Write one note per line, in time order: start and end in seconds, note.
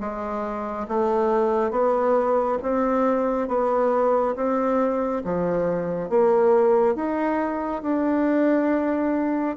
0.00 0.87 G#3
0.88 1.71 A3
1.71 2.58 B3
2.62 3.48 C4
3.48 4.35 B3
4.35 5.22 C4
5.24 6.09 F3
6.09 6.95 A#3
6.95 7.82 D#4
7.83 9.57 D4